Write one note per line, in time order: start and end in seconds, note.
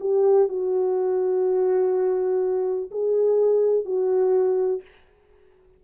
0.00 0.48 G4
0.48 2.90 F#4
2.90 3.85 G#4
3.85 4.82 F#4